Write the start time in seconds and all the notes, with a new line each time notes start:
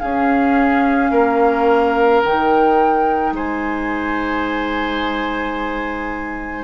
0.00 C#4 G#4 F5
1.12 A#3 A#4
2.24 D#3 D#4 G5
3.32 G#3 C5 G#5